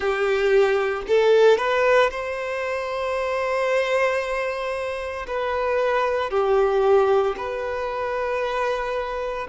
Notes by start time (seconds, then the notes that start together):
0.00 G4
1.07 A4
1.57 B4
2.10 C5
5.27 B4
6.30 G4
7.37 B4